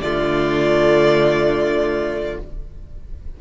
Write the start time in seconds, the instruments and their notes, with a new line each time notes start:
0.00 cello D3, viola A3, violin F4 D5